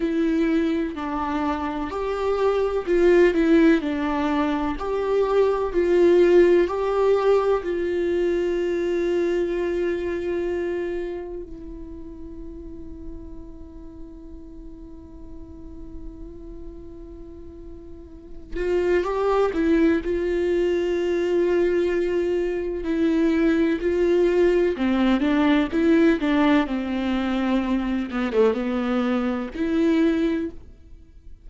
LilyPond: \new Staff \with { instrumentName = "viola" } { \time 4/4 \tempo 4 = 63 e'4 d'4 g'4 f'8 e'8 | d'4 g'4 f'4 g'4 | f'1 | e'1~ |
e'2.~ e'8 f'8 | g'8 e'8 f'2. | e'4 f'4 c'8 d'8 e'8 d'8 | c'4. b16 a16 b4 e'4 | }